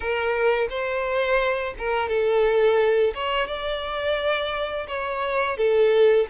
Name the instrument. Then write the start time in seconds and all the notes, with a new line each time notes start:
violin
0.00 A#4
0.69 C5
1.78 A#4
2.08 A4
3.14 C#5
3.47 D5
4.87 C#5
5.57 A4